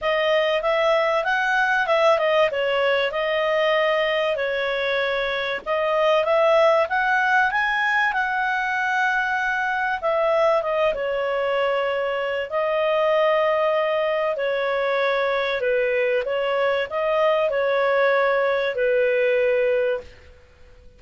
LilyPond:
\new Staff \with { instrumentName = "clarinet" } { \time 4/4 \tempo 4 = 96 dis''4 e''4 fis''4 e''8 dis''8 | cis''4 dis''2 cis''4~ | cis''4 dis''4 e''4 fis''4 | gis''4 fis''2. |
e''4 dis''8 cis''2~ cis''8 | dis''2. cis''4~ | cis''4 b'4 cis''4 dis''4 | cis''2 b'2 | }